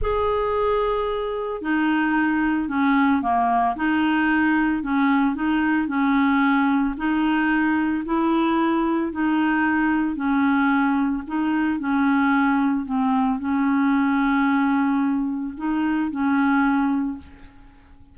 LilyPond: \new Staff \with { instrumentName = "clarinet" } { \time 4/4 \tempo 4 = 112 gis'2. dis'4~ | dis'4 cis'4 ais4 dis'4~ | dis'4 cis'4 dis'4 cis'4~ | cis'4 dis'2 e'4~ |
e'4 dis'2 cis'4~ | cis'4 dis'4 cis'2 | c'4 cis'2.~ | cis'4 dis'4 cis'2 | }